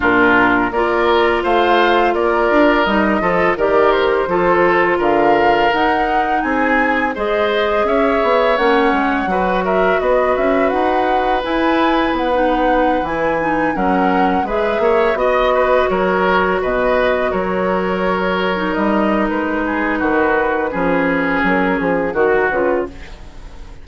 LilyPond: <<
  \new Staff \with { instrumentName = "flute" } { \time 4/4 \tempo 4 = 84 ais'4 d''4 f''4 d''4 | dis''4 d''8 c''4. f''4 | fis''4 gis''4 dis''4 e''4 | fis''4. e''8 dis''8 e''8 fis''4 |
gis''4 fis''4~ fis''16 gis''4 fis''8.~ | fis''16 e''4 dis''4 cis''4 dis''8.~ | dis''16 cis''2 dis''8. b'4~ | b'2 ais'8 gis'8 ais'8 b'8 | }
  \new Staff \with { instrumentName = "oboe" } { \time 4/4 f'4 ais'4 c''4 ais'4~ | ais'8 a'8 ais'4 a'4 ais'4~ | ais'4 gis'4 c''4 cis''4~ | cis''4 b'8 ais'8 b'2~ |
b'2.~ b'16 ais'8.~ | ais'16 b'8 cis''8 dis''8 b'8 ais'4 b'8.~ | b'16 ais'2.~ ais'16 gis'8 | fis'4 gis'2 fis'4 | }
  \new Staff \with { instrumentName = "clarinet" } { \time 4/4 d'4 f'2. | dis'8 f'8 g'4 f'2 | dis'2 gis'2 | cis'4 fis'2. |
e'4~ e'16 dis'4 e'8 dis'8 cis'8.~ | cis'16 gis'4 fis'2~ fis'8.~ | fis'2 dis'2~ | dis'4 cis'2 fis'8 f'8 | }
  \new Staff \with { instrumentName = "bassoon" } { \time 4/4 ais,4 ais4 a4 ais8 d'8 | g8 f8 dis4 f4 d4 | dis'4 c'4 gis4 cis'8 b8 | ais8 gis8 fis4 b8 cis'8 dis'4 |
e'4 b4~ b16 e4 fis8.~ | fis16 gis8 ais8 b4 fis4 b,8.~ | b,16 fis2 g8. gis4 | dis4 f4 fis8 f8 dis8 cis8 | }
>>